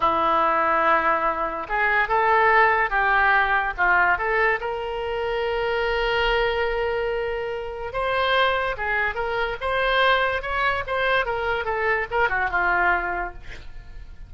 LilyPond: \new Staff \with { instrumentName = "oboe" } { \time 4/4 \tempo 4 = 144 e'1 | gis'4 a'2 g'4~ | g'4 f'4 a'4 ais'4~ | ais'1~ |
ais'2. c''4~ | c''4 gis'4 ais'4 c''4~ | c''4 cis''4 c''4 ais'4 | a'4 ais'8 fis'8 f'2 | }